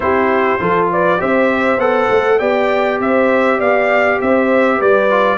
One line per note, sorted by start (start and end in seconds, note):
0.00 0.58 C4
0.00 0.59 E4
0.00 0.61 G4
0.00 0.88 C5
0.59 1.20 F3
0.59 1.18 F4
0.59 0.91 A4
0.92 1.20 B4
0.92 1.21 D5
1.18 1.77 C4
1.18 1.78 G4
1.18 2.39 C5
1.18 1.80 E5
1.77 2.07 B3
1.77 2.40 A4
1.77 2.39 F#5
2.10 2.40 A3
2.39 3.00 B3
2.39 5.09 G4
2.39 2.98 D5
2.39 2.99 G5
3.00 3.60 C4
3.00 3.58 C5
3.00 3.60 E5
3.58 4.20 B3
3.58 4.18 D5
3.58 4.20 F5
4.21 4.80 C4
4.21 4.77 C5
4.21 4.81 E5
4.77 5.38 G3
4.77 5.37 B4
4.77 5.38 D5
5.09 5.38 F4